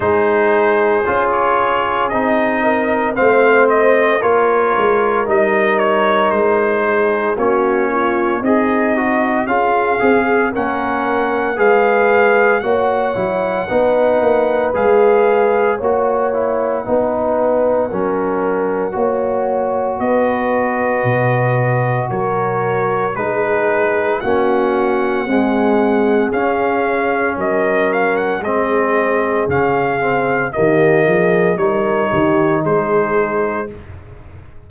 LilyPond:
<<
  \new Staff \with { instrumentName = "trumpet" } { \time 4/4 \tempo 4 = 57 c''4~ c''16 cis''8. dis''4 f''8 dis''8 | cis''4 dis''8 cis''8 c''4 cis''4 | dis''4 f''4 fis''4 f''4 | fis''2 f''4 fis''4~ |
fis''2. dis''4~ | dis''4 cis''4 b'4 fis''4~ | fis''4 f''4 dis''8 f''16 fis''16 dis''4 | f''4 dis''4 cis''4 c''4 | }
  \new Staff \with { instrumentName = "horn" } { \time 4/4 gis'2~ gis'8 ais'8 c''4 | ais'2~ ais'8 gis'8 fis'8 f'8 | dis'4 gis'4 ais'4 b'4 | cis''4 b'2 cis''4 |
b'4 ais'4 cis''4 b'4~ | b'4 ais'4 gis'4 fis'4 | gis'2 ais'4 gis'4~ | gis'4 g'8 gis'8 ais'8 g'8 gis'4 | }
  \new Staff \with { instrumentName = "trombone" } { \time 4/4 dis'4 f'4 dis'4 c'4 | f'4 dis'2 cis'4 | gis'8 fis'8 f'8 gis'8 cis'4 gis'4 | fis'8 e'8 dis'4 gis'4 fis'8 e'8 |
dis'4 cis'4 fis'2~ | fis'2 dis'4 cis'4 | gis4 cis'2 c'4 | cis'8 c'8 ais4 dis'2 | }
  \new Staff \with { instrumentName = "tuba" } { \time 4/4 gis4 cis'4 c'4 a4 | ais8 gis8 g4 gis4 ais4 | c'4 cis'8 c'8 ais4 gis4 | ais8 fis8 b8 ais8 gis4 ais4 |
b4 fis4 ais4 b4 | b,4 fis4 gis4 ais4 | c'4 cis'4 fis4 gis4 | cis4 dis8 f8 g8 dis8 gis4 | }
>>